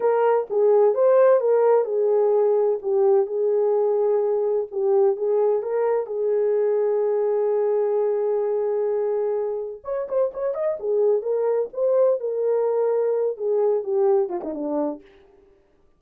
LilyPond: \new Staff \with { instrumentName = "horn" } { \time 4/4 \tempo 4 = 128 ais'4 gis'4 c''4 ais'4 | gis'2 g'4 gis'4~ | gis'2 g'4 gis'4 | ais'4 gis'2.~ |
gis'1~ | gis'4 cis''8 c''8 cis''8 dis''8 gis'4 | ais'4 c''4 ais'2~ | ais'8 gis'4 g'4 f'16 dis'16 d'4 | }